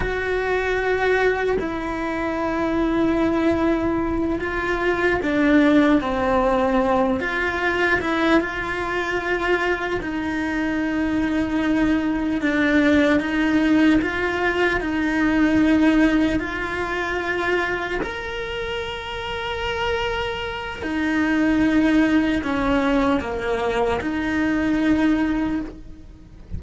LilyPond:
\new Staff \with { instrumentName = "cello" } { \time 4/4 \tempo 4 = 75 fis'2 e'2~ | e'4. f'4 d'4 c'8~ | c'4 f'4 e'8 f'4.~ | f'8 dis'2. d'8~ |
d'8 dis'4 f'4 dis'4.~ | dis'8 f'2 ais'4.~ | ais'2 dis'2 | cis'4 ais4 dis'2 | }